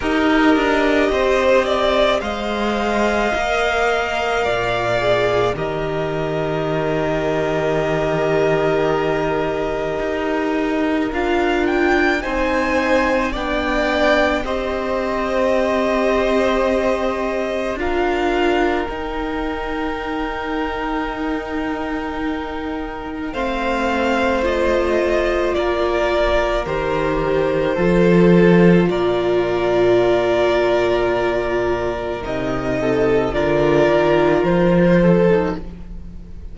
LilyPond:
<<
  \new Staff \with { instrumentName = "violin" } { \time 4/4 \tempo 4 = 54 dis''2 f''2~ | f''4 dis''2.~ | dis''2 f''8 g''8 gis''4 | g''4 dis''2. |
f''4 g''2.~ | g''4 f''4 dis''4 d''4 | c''2 d''2~ | d''4 dis''4 d''4 c''4 | }
  \new Staff \with { instrumentName = "violin" } { \time 4/4 ais'4 c''8 d''8 dis''2 | d''4 ais'2.~ | ais'2. c''4 | d''4 c''2. |
ais'1~ | ais'4 c''2 ais'4~ | ais'4 a'4 ais'2~ | ais'4. a'8 ais'4. a'8 | }
  \new Staff \with { instrumentName = "viola" } { \time 4/4 g'2 c''4 ais'4~ | ais'8 gis'8 g'2.~ | g'2 f'4 dis'4 | d'4 g'2. |
f'4 dis'2.~ | dis'4 c'4 f'2 | g'4 f'2.~ | f'4 dis'4 f'4.~ f'16 dis'16 | }
  \new Staff \with { instrumentName = "cello" } { \time 4/4 dis'8 d'8 c'4 gis4 ais4 | ais,4 dis2.~ | dis4 dis'4 d'4 c'4 | b4 c'2. |
d'4 dis'2.~ | dis'4 a2 ais4 | dis4 f4 ais,2~ | ais,4 c4 d8 dis8 f4 | }
>>